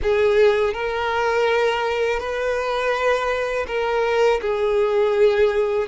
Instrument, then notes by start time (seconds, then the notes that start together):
violin
0.02 G#4
0.73 A#4
2.20 B4
3.67 A#4
4.41 G#4